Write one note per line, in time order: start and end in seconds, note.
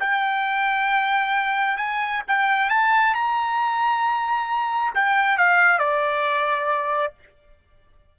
0.00 1.77 G5
1.77 2.22 G#5
2.28 2.70 G5
2.70 3.15 A5
3.15 4.94 A#5
4.95 5.38 G5
5.38 5.79 F5
5.79 7.14 D5